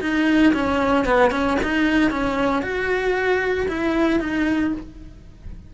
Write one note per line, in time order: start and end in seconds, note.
0.00 0.53 D#4
0.53 1.05 C#4
1.05 1.31 B3
1.31 1.57 C#4
1.62 2.10 D#4
2.10 2.62 C#4
2.62 3.67 F#4
3.68 4.19 E4
4.19 4.72 D#4